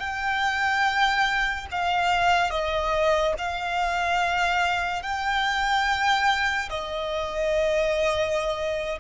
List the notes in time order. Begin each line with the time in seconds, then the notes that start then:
0.00 G5
1.71 F5
2.51 D#5
3.38 F5
5.03 G5
6.70 D#5